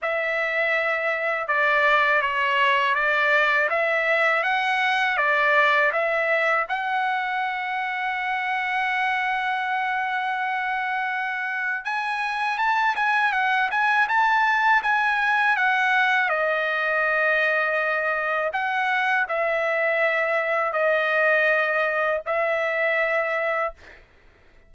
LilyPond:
\new Staff \with { instrumentName = "trumpet" } { \time 4/4 \tempo 4 = 81 e''2 d''4 cis''4 | d''4 e''4 fis''4 d''4 | e''4 fis''2.~ | fis''1 |
gis''4 a''8 gis''8 fis''8 gis''8 a''4 | gis''4 fis''4 dis''2~ | dis''4 fis''4 e''2 | dis''2 e''2 | }